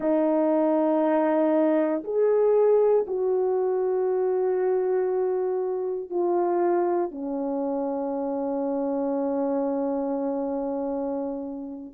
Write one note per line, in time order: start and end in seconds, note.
0.00 2.03 D#4
2.03 3.05 G#4
3.07 6.10 F#4
6.10 7.11 F4
7.11 11.93 C#4